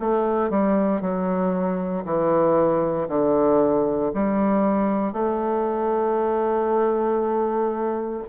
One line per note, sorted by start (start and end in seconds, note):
0.00 0.50 A3
0.50 1.01 G3
1.01 2.05 F#3
2.05 3.08 E3
3.08 4.12 D3
4.14 5.13 G3
5.13 8.23 A3